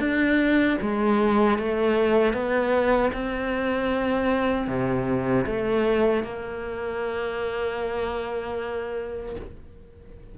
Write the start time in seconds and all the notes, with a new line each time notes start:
0.00 D4
0.81 G#3
1.58 A3
2.34 B3
3.13 C4
4.68 C3
5.47 A3
6.24 A#3